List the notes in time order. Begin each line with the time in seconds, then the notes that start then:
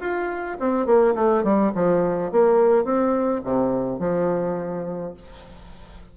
0.00 F4
0.59 C4
0.86 A#3
1.15 A3
1.43 G3
1.75 F3
2.32 A#3
2.84 C4
3.43 C3
3.99 F3